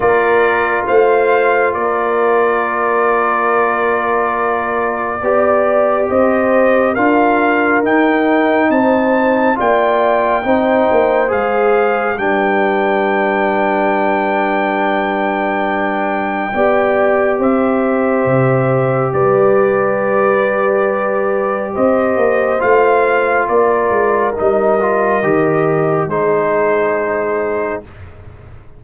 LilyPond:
<<
  \new Staff \with { instrumentName = "trumpet" } { \time 4/4 \tempo 4 = 69 d''4 f''4 d''2~ | d''2. dis''4 | f''4 g''4 a''4 g''4~ | g''4 f''4 g''2~ |
g''1 | e''2 d''2~ | d''4 dis''4 f''4 d''4 | dis''2 c''2 | }
  \new Staff \with { instrumentName = "horn" } { \time 4/4 ais'4 c''4 ais'2~ | ais'2 d''4 c''4 | ais'2 c''4 d''4 | c''2 b'2~ |
b'2. d''4 | c''2 b'2~ | b'4 c''2 ais'4~ | ais'2 gis'2 | }
  \new Staff \with { instrumentName = "trombone" } { \time 4/4 f'1~ | f'2 g'2 | f'4 dis'2 f'4 | dis'4 gis'4 d'2~ |
d'2. g'4~ | g'1~ | g'2 f'2 | dis'8 f'8 g'4 dis'2 | }
  \new Staff \with { instrumentName = "tuba" } { \time 4/4 ais4 a4 ais2~ | ais2 b4 c'4 | d'4 dis'4 c'4 ais4 | c'8 ais8 gis4 g2~ |
g2. b4 | c'4 c4 g2~ | g4 c'8 ais8 a4 ais8 gis8 | g4 dis4 gis2 | }
>>